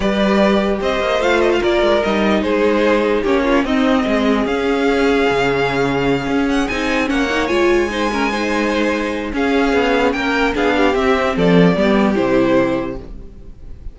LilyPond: <<
  \new Staff \with { instrumentName = "violin" } { \time 4/4 \tempo 4 = 148 d''2 dis''4 f''8 dis''16 f''16 | d''4 dis''4 c''2 | cis''4 dis''2 f''4~ | f''1 |
fis''8 gis''4 fis''4 gis''4.~ | gis''2. f''4~ | f''4 g''4 f''4 e''4 | d''2 c''2 | }
  \new Staff \with { instrumentName = "violin" } { \time 4/4 b'2 c''2 | ais'2 gis'2 | g'8 f'8 dis'4 gis'2~ | gis'1~ |
gis'4. cis''2 c''8 | ais'8 c''2~ c''8 gis'4~ | gis'4 ais'4 gis'8 g'4. | a'4 g'2. | }
  \new Staff \with { instrumentName = "viola" } { \time 4/4 g'2. f'4~ | f'4 dis'2. | cis'4 c'2 cis'4~ | cis'1~ |
cis'8 dis'4 cis'8 dis'8 f'4 dis'8 | cis'8 dis'2~ dis'8 cis'4~ | cis'2 d'4 c'4~ | c'4 b4 e'2 | }
  \new Staff \with { instrumentName = "cello" } { \time 4/4 g2 c'8 ais8 a4 | ais8 gis8 g4 gis2 | ais4 c'4 gis4 cis'4~ | cis'4 cis2~ cis8 cis'8~ |
cis'8 c'4 ais4 gis4.~ | gis2. cis'4 | b4 ais4 b4 c'4 | f4 g4 c2 | }
>>